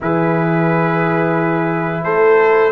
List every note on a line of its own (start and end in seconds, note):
0.00 2.04 E3
0.00 2.71 E4
0.00 2.03 G#4
0.00 2.03 B4
2.03 2.71 A3
2.03 2.71 A4
2.03 2.71 C5